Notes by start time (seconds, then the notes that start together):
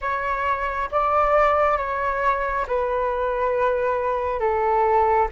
0.01 C#5
0.91 D5
1.77 C#5
2.67 B4
4.40 A4